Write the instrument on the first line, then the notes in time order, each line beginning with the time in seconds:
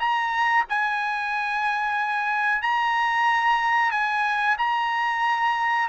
trumpet
0.00 A#5
0.69 G#5
2.62 A#5
3.92 G#5
4.58 A#5